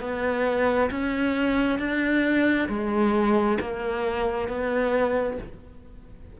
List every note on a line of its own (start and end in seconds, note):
0.00 0.90 B3
0.91 1.79 C#4
1.79 2.68 D4
2.68 3.58 G#3
3.61 4.48 A#3
4.48 5.38 B3